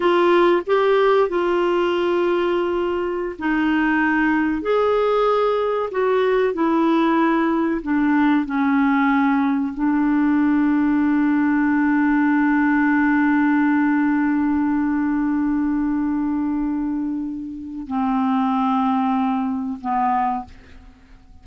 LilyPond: \new Staff \with { instrumentName = "clarinet" } { \time 4/4 \tempo 4 = 94 f'4 g'4 f'2~ | f'4~ f'16 dis'2 gis'8.~ | gis'4~ gis'16 fis'4 e'4.~ e'16~ | e'16 d'4 cis'2 d'8.~ |
d'1~ | d'1~ | d'1 | c'2. b4 | }